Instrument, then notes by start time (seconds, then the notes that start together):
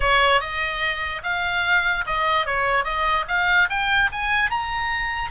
oboe
0.00 C#5
0.40 D#5
1.23 F5
2.06 D#5
2.46 C#5
2.84 D#5
3.28 F5
3.69 G5
4.12 G#5
4.50 A#5